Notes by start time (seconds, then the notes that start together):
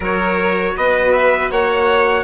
0.00 F#3 F#4 A#4 C#5
0.77 B3 B4 D#5
1.12 E5
1.51 A#3 C#5 F#5